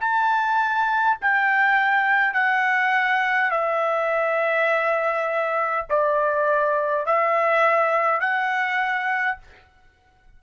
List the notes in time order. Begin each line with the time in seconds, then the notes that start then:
0.00 A5
1.21 G5
2.34 F#5
3.51 E5
5.90 D5
7.06 E5
8.20 F#5